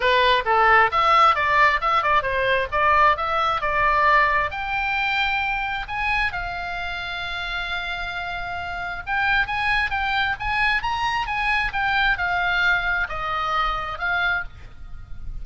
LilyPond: \new Staff \with { instrumentName = "oboe" } { \time 4/4 \tempo 4 = 133 b'4 a'4 e''4 d''4 | e''8 d''8 c''4 d''4 e''4 | d''2 g''2~ | g''4 gis''4 f''2~ |
f''1 | g''4 gis''4 g''4 gis''4 | ais''4 gis''4 g''4 f''4~ | f''4 dis''2 f''4 | }